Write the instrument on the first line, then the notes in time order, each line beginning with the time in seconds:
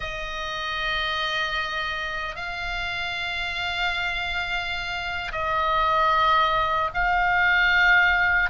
oboe
0.00 D#5
2.35 F5
5.31 D#5
6.94 F5